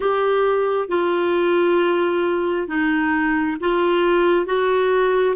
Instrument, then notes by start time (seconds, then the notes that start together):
clarinet
0.00 G4
0.88 F4
2.67 D#4
3.60 F4
4.46 F#4